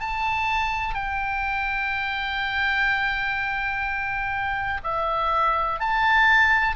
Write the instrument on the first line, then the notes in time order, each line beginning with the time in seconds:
oboe
0.00 A5
0.94 G5
4.84 E5
5.80 A5